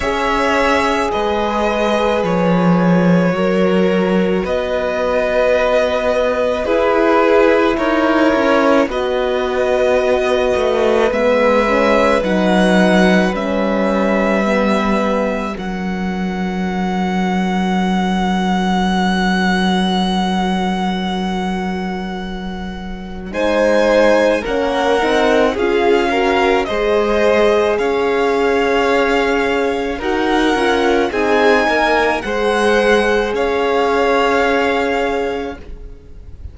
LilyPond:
<<
  \new Staff \with { instrumentName = "violin" } { \time 4/4 \tempo 4 = 54 e''4 dis''4 cis''2 | dis''2 b'4 cis''4 | dis''2 e''4 fis''4 | e''2 fis''2~ |
fis''1~ | fis''4 gis''4 fis''4 f''4 | dis''4 f''2 fis''4 | gis''4 fis''4 f''2 | }
  \new Staff \with { instrumentName = "violin" } { \time 4/4 cis''4 b'2 ais'4 | b'2 gis'4 ais'4 | b'1~ | b'2 ais'2~ |
ais'1~ | ais'4 c''4 ais'4 gis'8 ais'8 | c''4 cis''2 ais'4 | gis'8 ais'8 c''4 cis''2 | }
  \new Staff \with { instrumentName = "horn" } { \time 4/4 gis'2. fis'4~ | fis'2 e'2 | fis'2 b8 cis'8 dis'4 | cis'4 b4 cis'2~ |
cis'1~ | cis'4 dis'4 cis'8 dis'8 f'8 fis'8 | gis'2. fis'8 f'8 | dis'4 gis'2. | }
  \new Staff \with { instrumentName = "cello" } { \time 4/4 cis'4 gis4 f4 fis4 | b2 e'4 dis'8 cis'8 | b4. a8 gis4 fis4 | g2 fis2~ |
fis1~ | fis4 gis4 ais8 c'8 cis'4 | gis4 cis'2 dis'8 cis'8 | c'8 ais8 gis4 cis'2 | }
>>